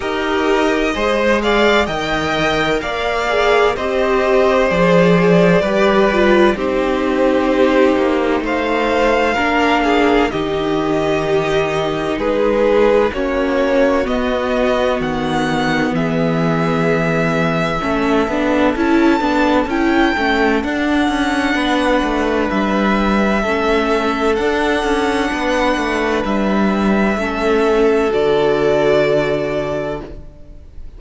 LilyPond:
<<
  \new Staff \with { instrumentName = "violin" } { \time 4/4 \tempo 4 = 64 dis''4. f''8 g''4 f''4 | dis''4 d''2 c''4~ | c''4 f''2 dis''4~ | dis''4 b'4 cis''4 dis''4 |
fis''4 e''2. | a''4 g''4 fis''2 | e''2 fis''2 | e''2 d''2 | }
  \new Staff \with { instrumentName = "violin" } { \time 4/4 ais'4 c''8 d''8 dis''4 d''4 | c''2 b'4 g'4~ | g'4 c''4 ais'8 gis'8 g'4~ | g'4 gis'4 fis'2~ |
fis'4 gis'2 a'4~ | a'2. b'4~ | b'4 a'2 b'4~ | b'4 a'2. | }
  \new Staff \with { instrumentName = "viola" } { \time 4/4 g'4 gis'4 ais'4. gis'8 | g'4 gis'4 g'8 f'8 dis'4~ | dis'2 d'4 dis'4~ | dis'2 cis'4 b4~ |
b2. cis'8 d'8 | e'8 d'8 e'8 cis'8 d'2~ | d'4 cis'4 d'2~ | d'4 cis'4 fis'2 | }
  \new Staff \with { instrumentName = "cello" } { \time 4/4 dis'4 gis4 dis4 ais4 | c'4 f4 g4 c'4~ | c'8 ais8 a4 ais4 dis4~ | dis4 gis4 ais4 b4 |
dis4 e2 a8 b8 | cis'8 b8 cis'8 a8 d'8 cis'8 b8 a8 | g4 a4 d'8 cis'8 b8 a8 | g4 a4 d2 | }
>>